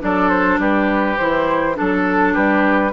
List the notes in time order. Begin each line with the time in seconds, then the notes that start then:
0.00 F#3 D4 A4 D5
0.29 C5
0.59 G3 G4 B4
1.18 E3 E4 C5
1.75 F#3 D4 A4
2.34 G3 G4 B4